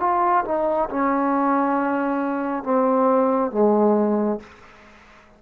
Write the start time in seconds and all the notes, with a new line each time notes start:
0.00 F4
0.45 D#4
0.90 C#4
2.64 C4
3.52 G#3